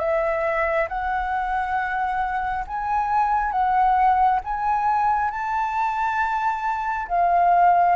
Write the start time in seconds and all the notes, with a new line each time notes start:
0.00 E5
0.89 F#5
2.68 G#5
3.52 F#5
4.44 G#5
5.31 A5
7.08 F5